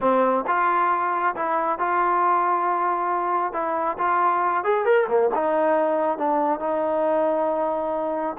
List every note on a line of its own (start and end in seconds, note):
0.00 0.45 C4
0.47 1.35 F4
1.35 1.78 E4
1.78 3.53 F4
3.53 3.97 E4
3.98 4.63 F4
4.63 4.85 G#4
4.85 5.07 A#4
5.08 5.30 A#3
5.34 6.17 D#4
6.17 6.59 D4
6.59 8.36 D#4